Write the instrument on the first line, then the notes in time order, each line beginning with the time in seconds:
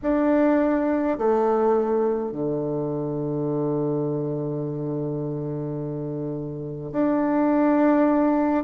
bassoon
0.02 D4
1.17 A3
2.31 D3
6.92 D4